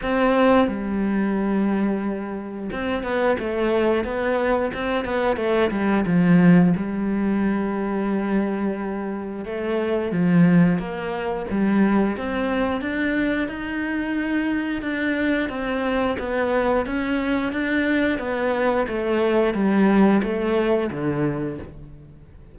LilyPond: \new Staff \with { instrumentName = "cello" } { \time 4/4 \tempo 4 = 89 c'4 g2. | c'8 b8 a4 b4 c'8 b8 | a8 g8 f4 g2~ | g2 a4 f4 |
ais4 g4 c'4 d'4 | dis'2 d'4 c'4 | b4 cis'4 d'4 b4 | a4 g4 a4 d4 | }